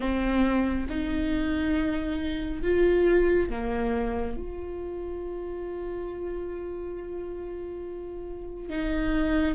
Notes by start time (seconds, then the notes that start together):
0.00 C4
0.89 D#4
2.62 F4
3.49 A#3
4.36 F4
8.70 D#4